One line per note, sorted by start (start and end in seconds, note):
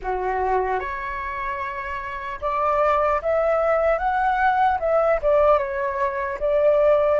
0.02 0.79 F#4
0.79 2.39 C#5
2.41 3.21 D5
3.22 3.98 E5
3.98 4.78 F#5
4.79 5.19 E5
5.22 5.58 D5
5.58 6.38 C#5
6.39 7.19 D5